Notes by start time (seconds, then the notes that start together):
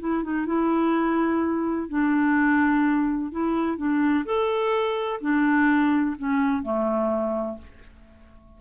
0.00 E4
0.24 D#4
0.46 E4
1.89 D4
3.32 E4
3.77 D4
4.26 A4
5.21 D4
6.18 C#4
6.63 A3